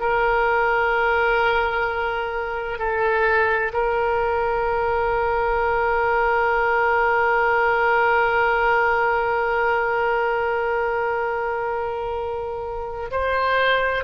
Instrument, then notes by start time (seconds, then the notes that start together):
oboe
0.00 A#4
2.79 A4
3.73 A#4
13.11 C5